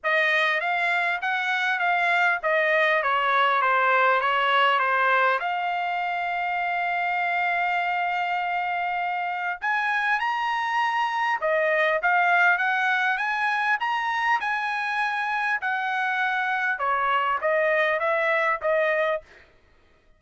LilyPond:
\new Staff \with { instrumentName = "trumpet" } { \time 4/4 \tempo 4 = 100 dis''4 f''4 fis''4 f''4 | dis''4 cis''4 c''4 cis''4 | c''4 f''2.~ | f''1 |
gis''4 ais''2 dis''4 | f''4 fis''4 gis''4 ais''4 | gis''2 fis''2 | cis''4 dis''4 e''4 dis''4 | }